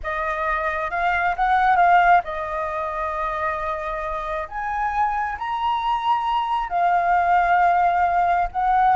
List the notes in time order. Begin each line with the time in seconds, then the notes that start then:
0.03 D#5
0.90 F5
1.36 F#5
1.76 F5
2.24 D#5
4.48 G#5
5.38 A#5
6.69 F5
8.51 F#5